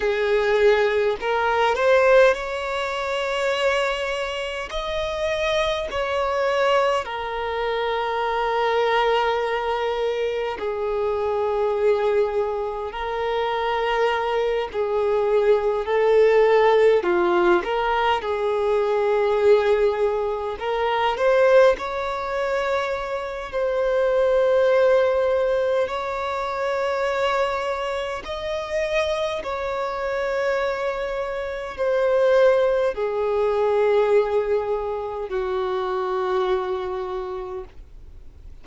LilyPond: \new Staff \with { instrumentName = "violin" } { \time 4/4 \tempo 4 = 51 gis'4 ais'8 c''8 cis''2 | dis''4 cis''4 ais'2~ | ais'4 gis'2 ais'4~ | ais'8 gis'4 a'4 f'8 ais'8 gis'8~ |
gis'4. ais'8 c''8 cis''4. | c''2 cis''2 | dis''4 cis''2 c''4 | gis'2 fis'2 | }